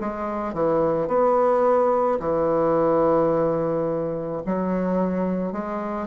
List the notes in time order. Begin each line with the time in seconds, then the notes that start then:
0.00 G#3
0.54 E3
1.08 B3
2.20 E3
4.46 F#3
5.53 G#3